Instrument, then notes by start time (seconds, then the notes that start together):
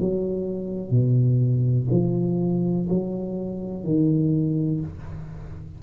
tuba
0.00 F#3
0.91 B2
1.91 F3
2.89 F#3
3.84 D#3